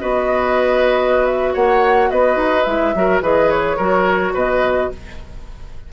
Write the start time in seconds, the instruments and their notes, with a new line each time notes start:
0.00 bassoon B3, clarinet F#4, oboe B4, flute D#5
1.26 flute E5
1.53 bassoon A#3, oboe C#5, flute F#5
2.11 bassoon B3, oboe B4, flute D#5
2.36 bassoon D#4
2.63 bassoon G#3, clarinet E4, flute E5
2.95 bassoon F#3, clarinet F#4, oboe A#4
3.21 bassoon E3, clarinet G#4, oboe B4, flute D#5
3.50 flute C#5
3.77 bassoon F#3, clarinet F#4, oboe A#4
4.34 bassoon B2, oboe B4, flute D#5